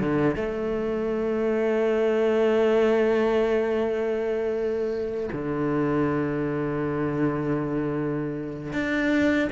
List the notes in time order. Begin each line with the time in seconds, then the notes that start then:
0.00 D3
0.36 A3
5.33 D3
8.73 D4